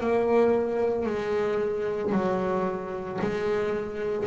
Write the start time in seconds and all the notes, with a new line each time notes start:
0.00 A#3
1.05 G#3
2.12 F#3
3.21 G#3